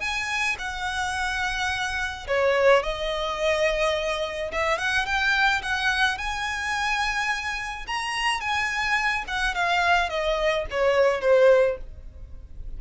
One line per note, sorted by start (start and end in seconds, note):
0.00 0.56 G#5
0.58 2.27 F#5
2.27 2.83 C#5
2.83 4.51 D#5
4.52 4.78 E5
4.78 5.06 F#5
5.06 5.62 G5
5.62 6.18 F#5
6.18 7.86 G#5
7.87 8.40 A#5
8.40 9.24 G#5
9.27 9.55 F#5
9.55 10.09 F5
10.09 10.65 D#5
10.71 11.21 C#5
11.21 11.77 C5